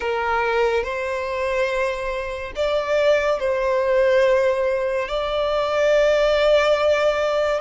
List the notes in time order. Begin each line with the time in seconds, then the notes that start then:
0.00 A#4
0.83 C5
2.55 D5
3.39 C5
5.08 D5